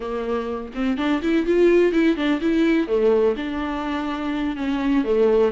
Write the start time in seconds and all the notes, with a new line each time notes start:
0.00 A#3
0.74 C4
0.97 D4
1.22 E4
1.45 F4
1.92 E4
2.16 D4
2.41 E4
2.87 A3
3.36 D4
4.56 C#4
5.04 A3